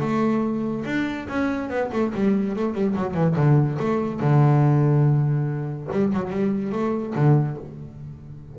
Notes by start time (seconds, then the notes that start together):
0.00 A3
0.85 D4
1.29 C#4
1.70 B3
1.92 A3
2.15 G3
2.56 A3
2.74 G3
2.96 F#3
3.14 E3
3.36 D3
3.79 A3
4.20 D3
5.92 G3
6.13 F#3
6.30 G3
6.72 A3
7.15 D3